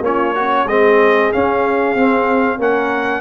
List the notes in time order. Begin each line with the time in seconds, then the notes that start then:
0.00 A#3 C#4 F4 C#5
0.35 C#4 F#4
0.65 G#3 C4 G#4 D#5
1.32 C#4 F5
1.94 C4
2.58 A#3 C#4 A#4 F#5